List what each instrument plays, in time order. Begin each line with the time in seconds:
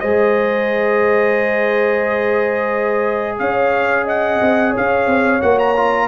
0.00 tuba G#3, trombone G#4, horn C5, trumpet D#5
3.39 tuba C#4, horn C#5, trumpet F5
4.05 horn D#5, trumpet F#5
4.41 tuba C4
4.70 horn C#5
4.77 tuba C#4, trumpet F5
5.06 tuba C4
5.41 tuba A#3, trombone F#4, trumpet F#5
5.59 trumpet A#5
5.76 trombone F4